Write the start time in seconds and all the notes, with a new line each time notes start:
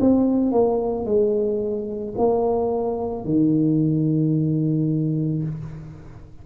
0.00 C4
0.52 A#3
1.06 G#3
2.18 A#3
3.25 D#3